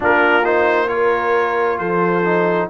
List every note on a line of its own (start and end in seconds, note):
0.00 1.79 A#3
0.00 0.43 D4
0.00 0.87 F4
0.00 0.45 A#4
0.44 0.87 D#4
0.44 0.88 C5
0.87 2.21 F4
0.87 1.78 A#4
0.87 1.78 C#5
1.78 2.68 F3
1.78 2.68 A4
1.78 2.68 C5
2.25 2.69 D#4